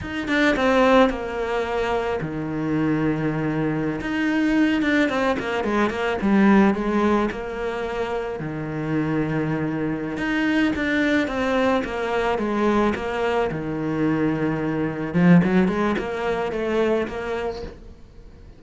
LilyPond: \new Staff \with { instrumentName = "cello" } { \time 4/4 \tempo 4 = 109 dis'8 d'8 c'4 ais2 | dis2.~ dis16 dis'8.~ | dis'8. d'8 c'8 ais8 gis8 ais8 g8.~ | g16 gis4 ais2 dis8.~ |
dis2~ dis8 dis'4 d'8~ | d'8 c'4 ais4 gis4 ais8~ | ais8 dis2. f8 | fis8 gis8 ais4 a4 ais4 | }